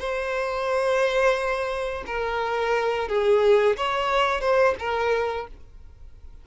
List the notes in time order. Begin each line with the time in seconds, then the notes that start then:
0.00 C5
2.07 A#4
3.09 G#4
3.77 C#5
4.41 C5
4.80 A#4